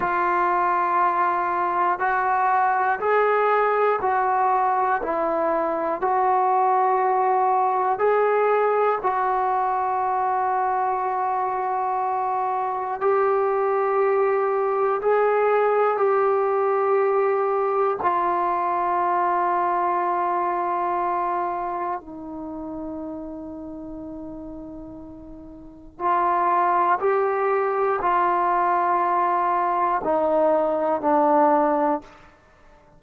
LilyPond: \new Staff \with { instrumentName = "trombone" } { \time 4/4 \tempo 4 = 60 f'2 fis'4 gis'4 | fis'4 e'4 fis'2 | gis'4 fis'2.~ | fis'4 g'2 gis'4 |
g'2 f'2~ | f'2 dis'2~ | dis'2 f'4 g'4 | f'2 dis'4 d'4 | }